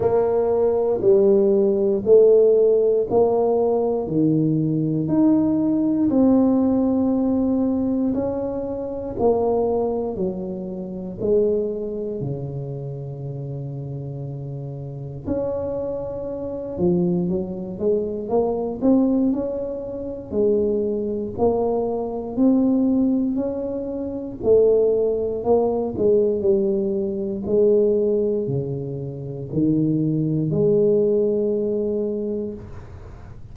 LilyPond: \new Staff \with { instrumentName = "tuba" } { \time 4/4 \tempo 4 = 59 ais4 g4 a4 ais4 | dis4 dis'4 c'2 | cis'4 ais4 fis4 gis4 | cis2. cis'4~ |
cis'8 f8 fis8 gis8 ais8 c'8 cis'4 | gis4 ais4 c'4 cis'4 | a4 ais8 gis8 g4 gis4 | cis4 dis4 gis2 | }